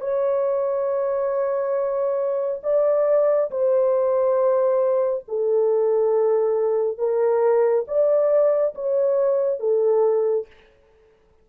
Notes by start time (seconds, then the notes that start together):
0.00 C#5
2.63 D5
3.50 C5
5.28 A4
6.98 A#4
7.87 D5
8.75 C#5
9.59 A4